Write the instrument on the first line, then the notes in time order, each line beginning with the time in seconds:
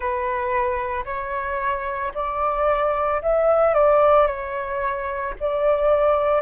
flute
0.00 B4
1.05 C#5
2.14 D5
3.21 E5
3.74 D5
4.27 C#5
5.40 D5